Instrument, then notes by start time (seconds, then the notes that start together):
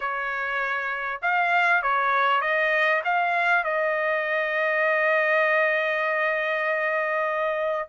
trumpet
0.00 C#5
1.21 F5
1.82 C#5
2.41 D#5
3.04 F5
3.64 D#5